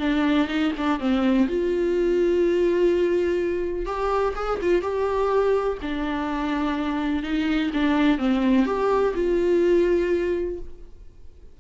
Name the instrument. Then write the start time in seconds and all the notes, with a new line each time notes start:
viola
0.00 D4
0.48 D#4
0.78 D4
1.00 C4
1.48 F4
3.86 G4
4.36 G#4
4.62 F4
4.82 G4
5.82 D4
7.23 D#4
7.73 D4
8.19 C4
8.66 G4
9.15 F4